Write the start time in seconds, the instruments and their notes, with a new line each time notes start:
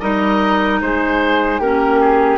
0.00 bassoon G3, clarinet D#4, flute A#4, oboe D#5
0.81 bassoon G#3, flute G#4, oboe C5
1.60 bassoon A#3, clarinet C#4, flute G4, oboe A#4
2.00 oboe G#4